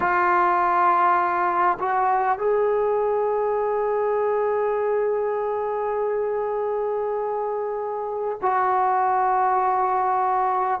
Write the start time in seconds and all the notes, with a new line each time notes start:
0.00 F4
1.79 F#4
2.38 G#4
8.41 F#4